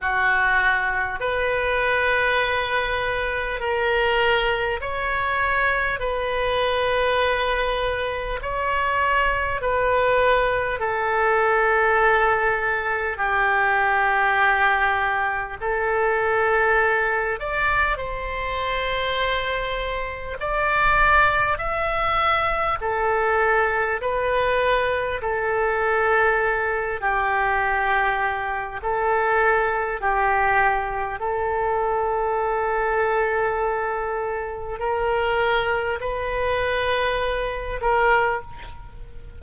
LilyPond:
\new Staff \with { instrumentName = "oboe" } { \time 4/4 \tempo 4 = 50 fis'4 b'2 ais'4 | cis''4 b'2 cis''4 | b'4 a'2 g'4~ | g'4 a'4. d''8 c''4~ |
c''4 d''4 e''4 a'4 | b'4 a'4. g'4. | a'4 g'4 a'2~ | a'4 ais'4 b'4. ais'8 | }